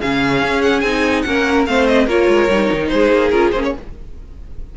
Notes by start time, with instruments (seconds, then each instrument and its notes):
0.00 cello C#3, viola C#4, violin G#4 F5
0.43 cello C#4
0.62 violin F#5
0.81 cello C4, viola D#4, violin G#5
1.22 cello A#3, viola C#4, violin A#4 F#5
1.67 cello A3, viola C4, violin C5 F5
1.87 violin D#5
2.07 cello A#3, viola F4, violin A#4 C#5
2.29 cello G#3
2.49 cello G3, viola D#4
2.73 cello D#3
2.88 cello G#3, violin G#4 C5
3.12 cello A#3
3.31 cello C#4, viola F4, violin A#4
3.52 cello A#3, viola C#4, violin C5
3.65 violin C#5